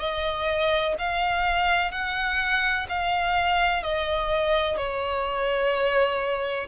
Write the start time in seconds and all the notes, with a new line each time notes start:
0.00 D#5
0.99 F5
1.91 F#5
2.89 F5
3.83 D#5
4.77 C#5